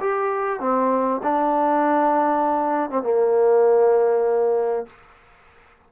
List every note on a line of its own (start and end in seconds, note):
0.00 0.60 G4
0.60 1.21 C4
1.23 2.90 D4
2.90 3.03 C4
3.03 4.86 A#3